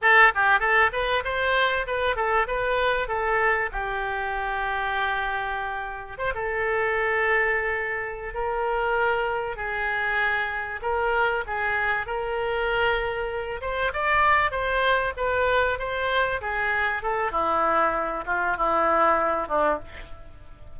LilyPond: \new Staff \with { instrumentName = "oboe" } { \time 4/4 \tempo 4 = 97 a'8 g'8 a'8 b'8 c''4 b'8 a'8 | b'4 a'4 g'2~ | g'2 c''16 a'4.~ a'16~ | a'4. ais'2 gis'8~ |
gis'4. ais'4 gis'4 ais'8~ | ais'2 c''8 d''4 c''8~ | c''8 b'4 c''4 gis'4 a'8 | e'4. f'8 e'4. d'8 | }